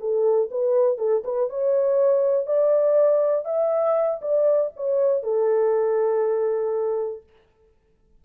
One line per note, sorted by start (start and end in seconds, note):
0.00 0.50 A4
0.51 0.98 B4
0.98 1.23 A4
1.25 1.50 B4
1.50 2.46 C#5
2.46 3.45 D5
3.45 4.20 E5
4.22 4.72 D5
4.76 5.23 C#5
5.23 7.23 A4